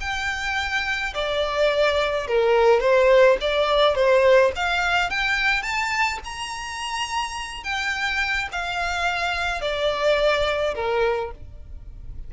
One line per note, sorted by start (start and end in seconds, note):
0.00 1.13 G5
1.14 2.27 D5
2.27 2.80 A#4
2.80 3.37 C5
3.40 3.95 D5
3.95 4.51 C5
4.55 5.10 F5
5.10 5.62 G5
5.62 6.19 A5
6.24 7.63 A#5
7.63 8.48 G5
8.51 9.61 F5
9.61 10.74 D5
10.74 11.31 A#4